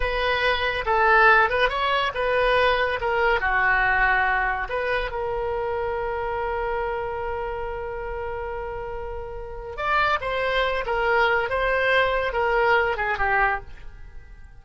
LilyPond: \new Staff \with { instrumentName = "oboe" } { \time 4/4 \tempo 4 = 141 b'2 a'4. b'8 | cis''4 b'2 ais'4 | fis'2. b'4 | ais'1~ |
ais'1~ | ais'2. d''4 | c''4. ais'4. c''4~ | c''4 ais'4. gis'8 g'4 | }